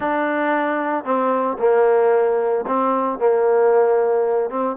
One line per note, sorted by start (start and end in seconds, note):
0.00 1.04 D4
1.04 1.57 C4
1.59 2.65 A#3
2.66 3.18 C4
3.18 4.50 A#3
4.50 4.76 C4